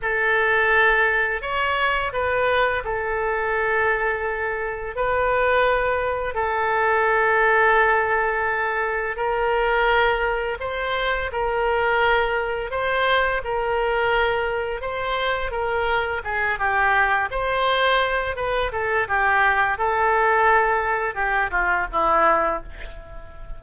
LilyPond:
\new Staff \with { instrumentName = "oboe" } { \time 4/4 \tempo 4 = 85 a'2 cis''4 b'4 | a'2. b'4~ | b'4 a'2.~ | a'4 ais'2 c''4 |
ais'2 c''4 ais'4~ | ais'4 c''4 ais'4 gis'8 g'8~ | g'8 c''4. b'8 a'8 g'4 | a'2 g'8 f'8 e'4 | }